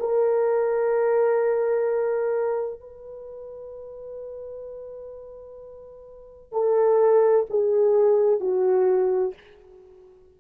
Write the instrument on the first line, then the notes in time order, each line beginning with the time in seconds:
horn
0.00 A#4
2.80 B4
6.52 A4
7.50 G#4
8.40 F#4